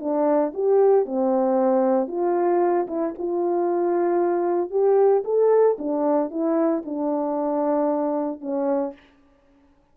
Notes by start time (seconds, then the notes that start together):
0.00 D4
0.54 G4
1.06 C4
2.08 F4
2.87 E4
3.19 F4
4.71 G4
5.25 A4
5.78 D4
6.30 E4
6.85 D4
8.41 C#4